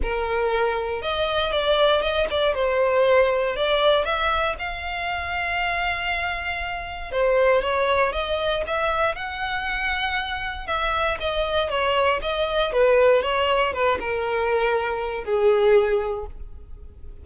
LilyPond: \new Staff \with { instrumentName = "violin" } { \time 4/4 \tempo 4 = 118 ais'2 dis''4 d''4 | dis''8 d''8 c''2 d''4 | e''4 f''2.~ | f''2 c''4 cis''4 |
dis''4 e''4 fis''2~ | fis''4 e''4 dis''4 cis''4 | dis''4 b'4 cis''4 b'8 ais'8~ | ais'2 gis'2 | }